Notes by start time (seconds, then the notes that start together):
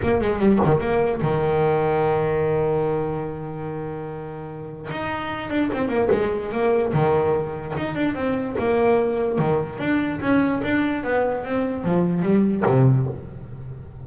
0.02 A#3
0.21 G#3
0.39 G3
0.64 D#3
0.80 A#3
1.21 D#3
4.91 D#4
5.50 D4
5.73 C4
5.88 A#3
6.11 G#3
6.52 A#3
6.93 D#3
7.77 D#4
7.95 D4
8.14 C4
8.58 A#3
9.38 D#3
9.78 D4
10.20 C#4
10.63 D4
11.03 B3
11.44 C4
11.83 F3
12.22 G3
12.66 C3